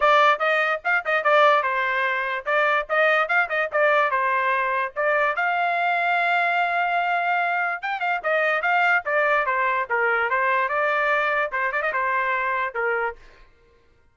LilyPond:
\new Staff \with { instrumentName = "trumpet" } { \time 4/4 \tempo 4 = 146 d''4 dis''4 f''8 dis''8 d''4 | c''2 d''4 dis''4 | f''8 dis''8 d''4 c''2 | d''4 f''2.~ |
f''2. g''8 f''8 | dis''4 f''4 d''4 c''4 | ais'4 c''4 d''2 | c''8 d''16 dis''16 c''2 ais'4 | }